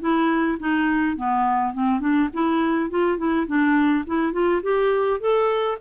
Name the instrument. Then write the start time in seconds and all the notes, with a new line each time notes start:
clarinet
0.00 E4
0.59 D#4
1.16 B3
1.73 C4
2.00 D4
2.33 E4
2.90 F4
3.18 E4
3.47 D4
4.07 E4
4.32 F4
4.63 G4
5.20 A4